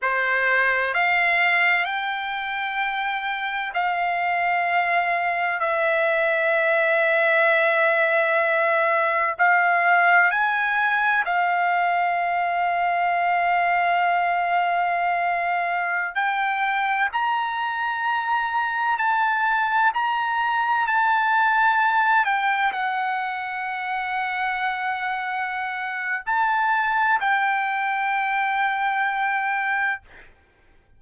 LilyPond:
\new Staff \with { instrumentName = "trumpet" } { \time 4/4 \tempo 4 = 64 c''4 f''4 g''2 | f''2 e''2~ | e''2 f''4 gis''4 | f''1~ |
f''4~ f''16 g''4 ais''4.~ ais''16~ | ais''16 a''4 ais''4 a''4. g''16~ | g''16 fis''2.~ fis''8. | a''4 g''2. | }